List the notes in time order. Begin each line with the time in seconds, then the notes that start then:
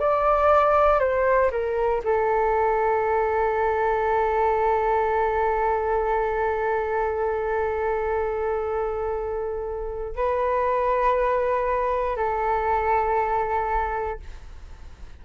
0.00 D5
1.00 C5
1.51 A#4
2.04 A4
10.16 B4
12.17 A4